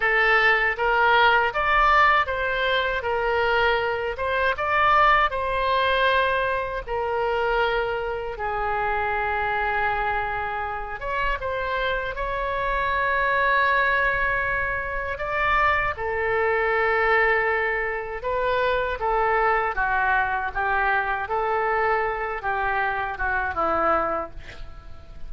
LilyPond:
\new Staff \with { instrumentName = "oboe" } { \time 4/4 \tempo 4 = 79 a'4 ais'4 d''4 c''4 | ais'4. c''8 d''4 c''4~ | c''4 ais'2 gis'4~ | gis'2~ gis'8 cis''8 c''4 |
cis''1 | d''4 a'2. | b'4 a'4 fis'4 g'4 | a'4. g'4 fis'8 e'4 | }